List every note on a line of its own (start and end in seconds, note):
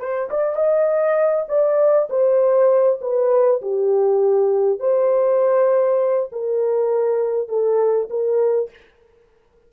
0.00 0.30 C5
0.31 0.56 D5
0.56 1.46 D#5
1.49 2.09 D5
2.10 3.00 C5
3.01 3.61 B4
3.62 4.80 G4
4.80 6.30 C5
6.32 7.49 A#4
7.49 8.09 A4
8.11 8.71 A#4